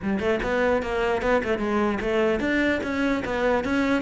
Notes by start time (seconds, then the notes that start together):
0.02 G3
0.19 A3
0.42 B3
0.82 A#3
1.22 B3
1.43 A3
1.58 G#3
2.00 A3
2.40 D4
2.83 C#4
3.24 B3
3.64 C#4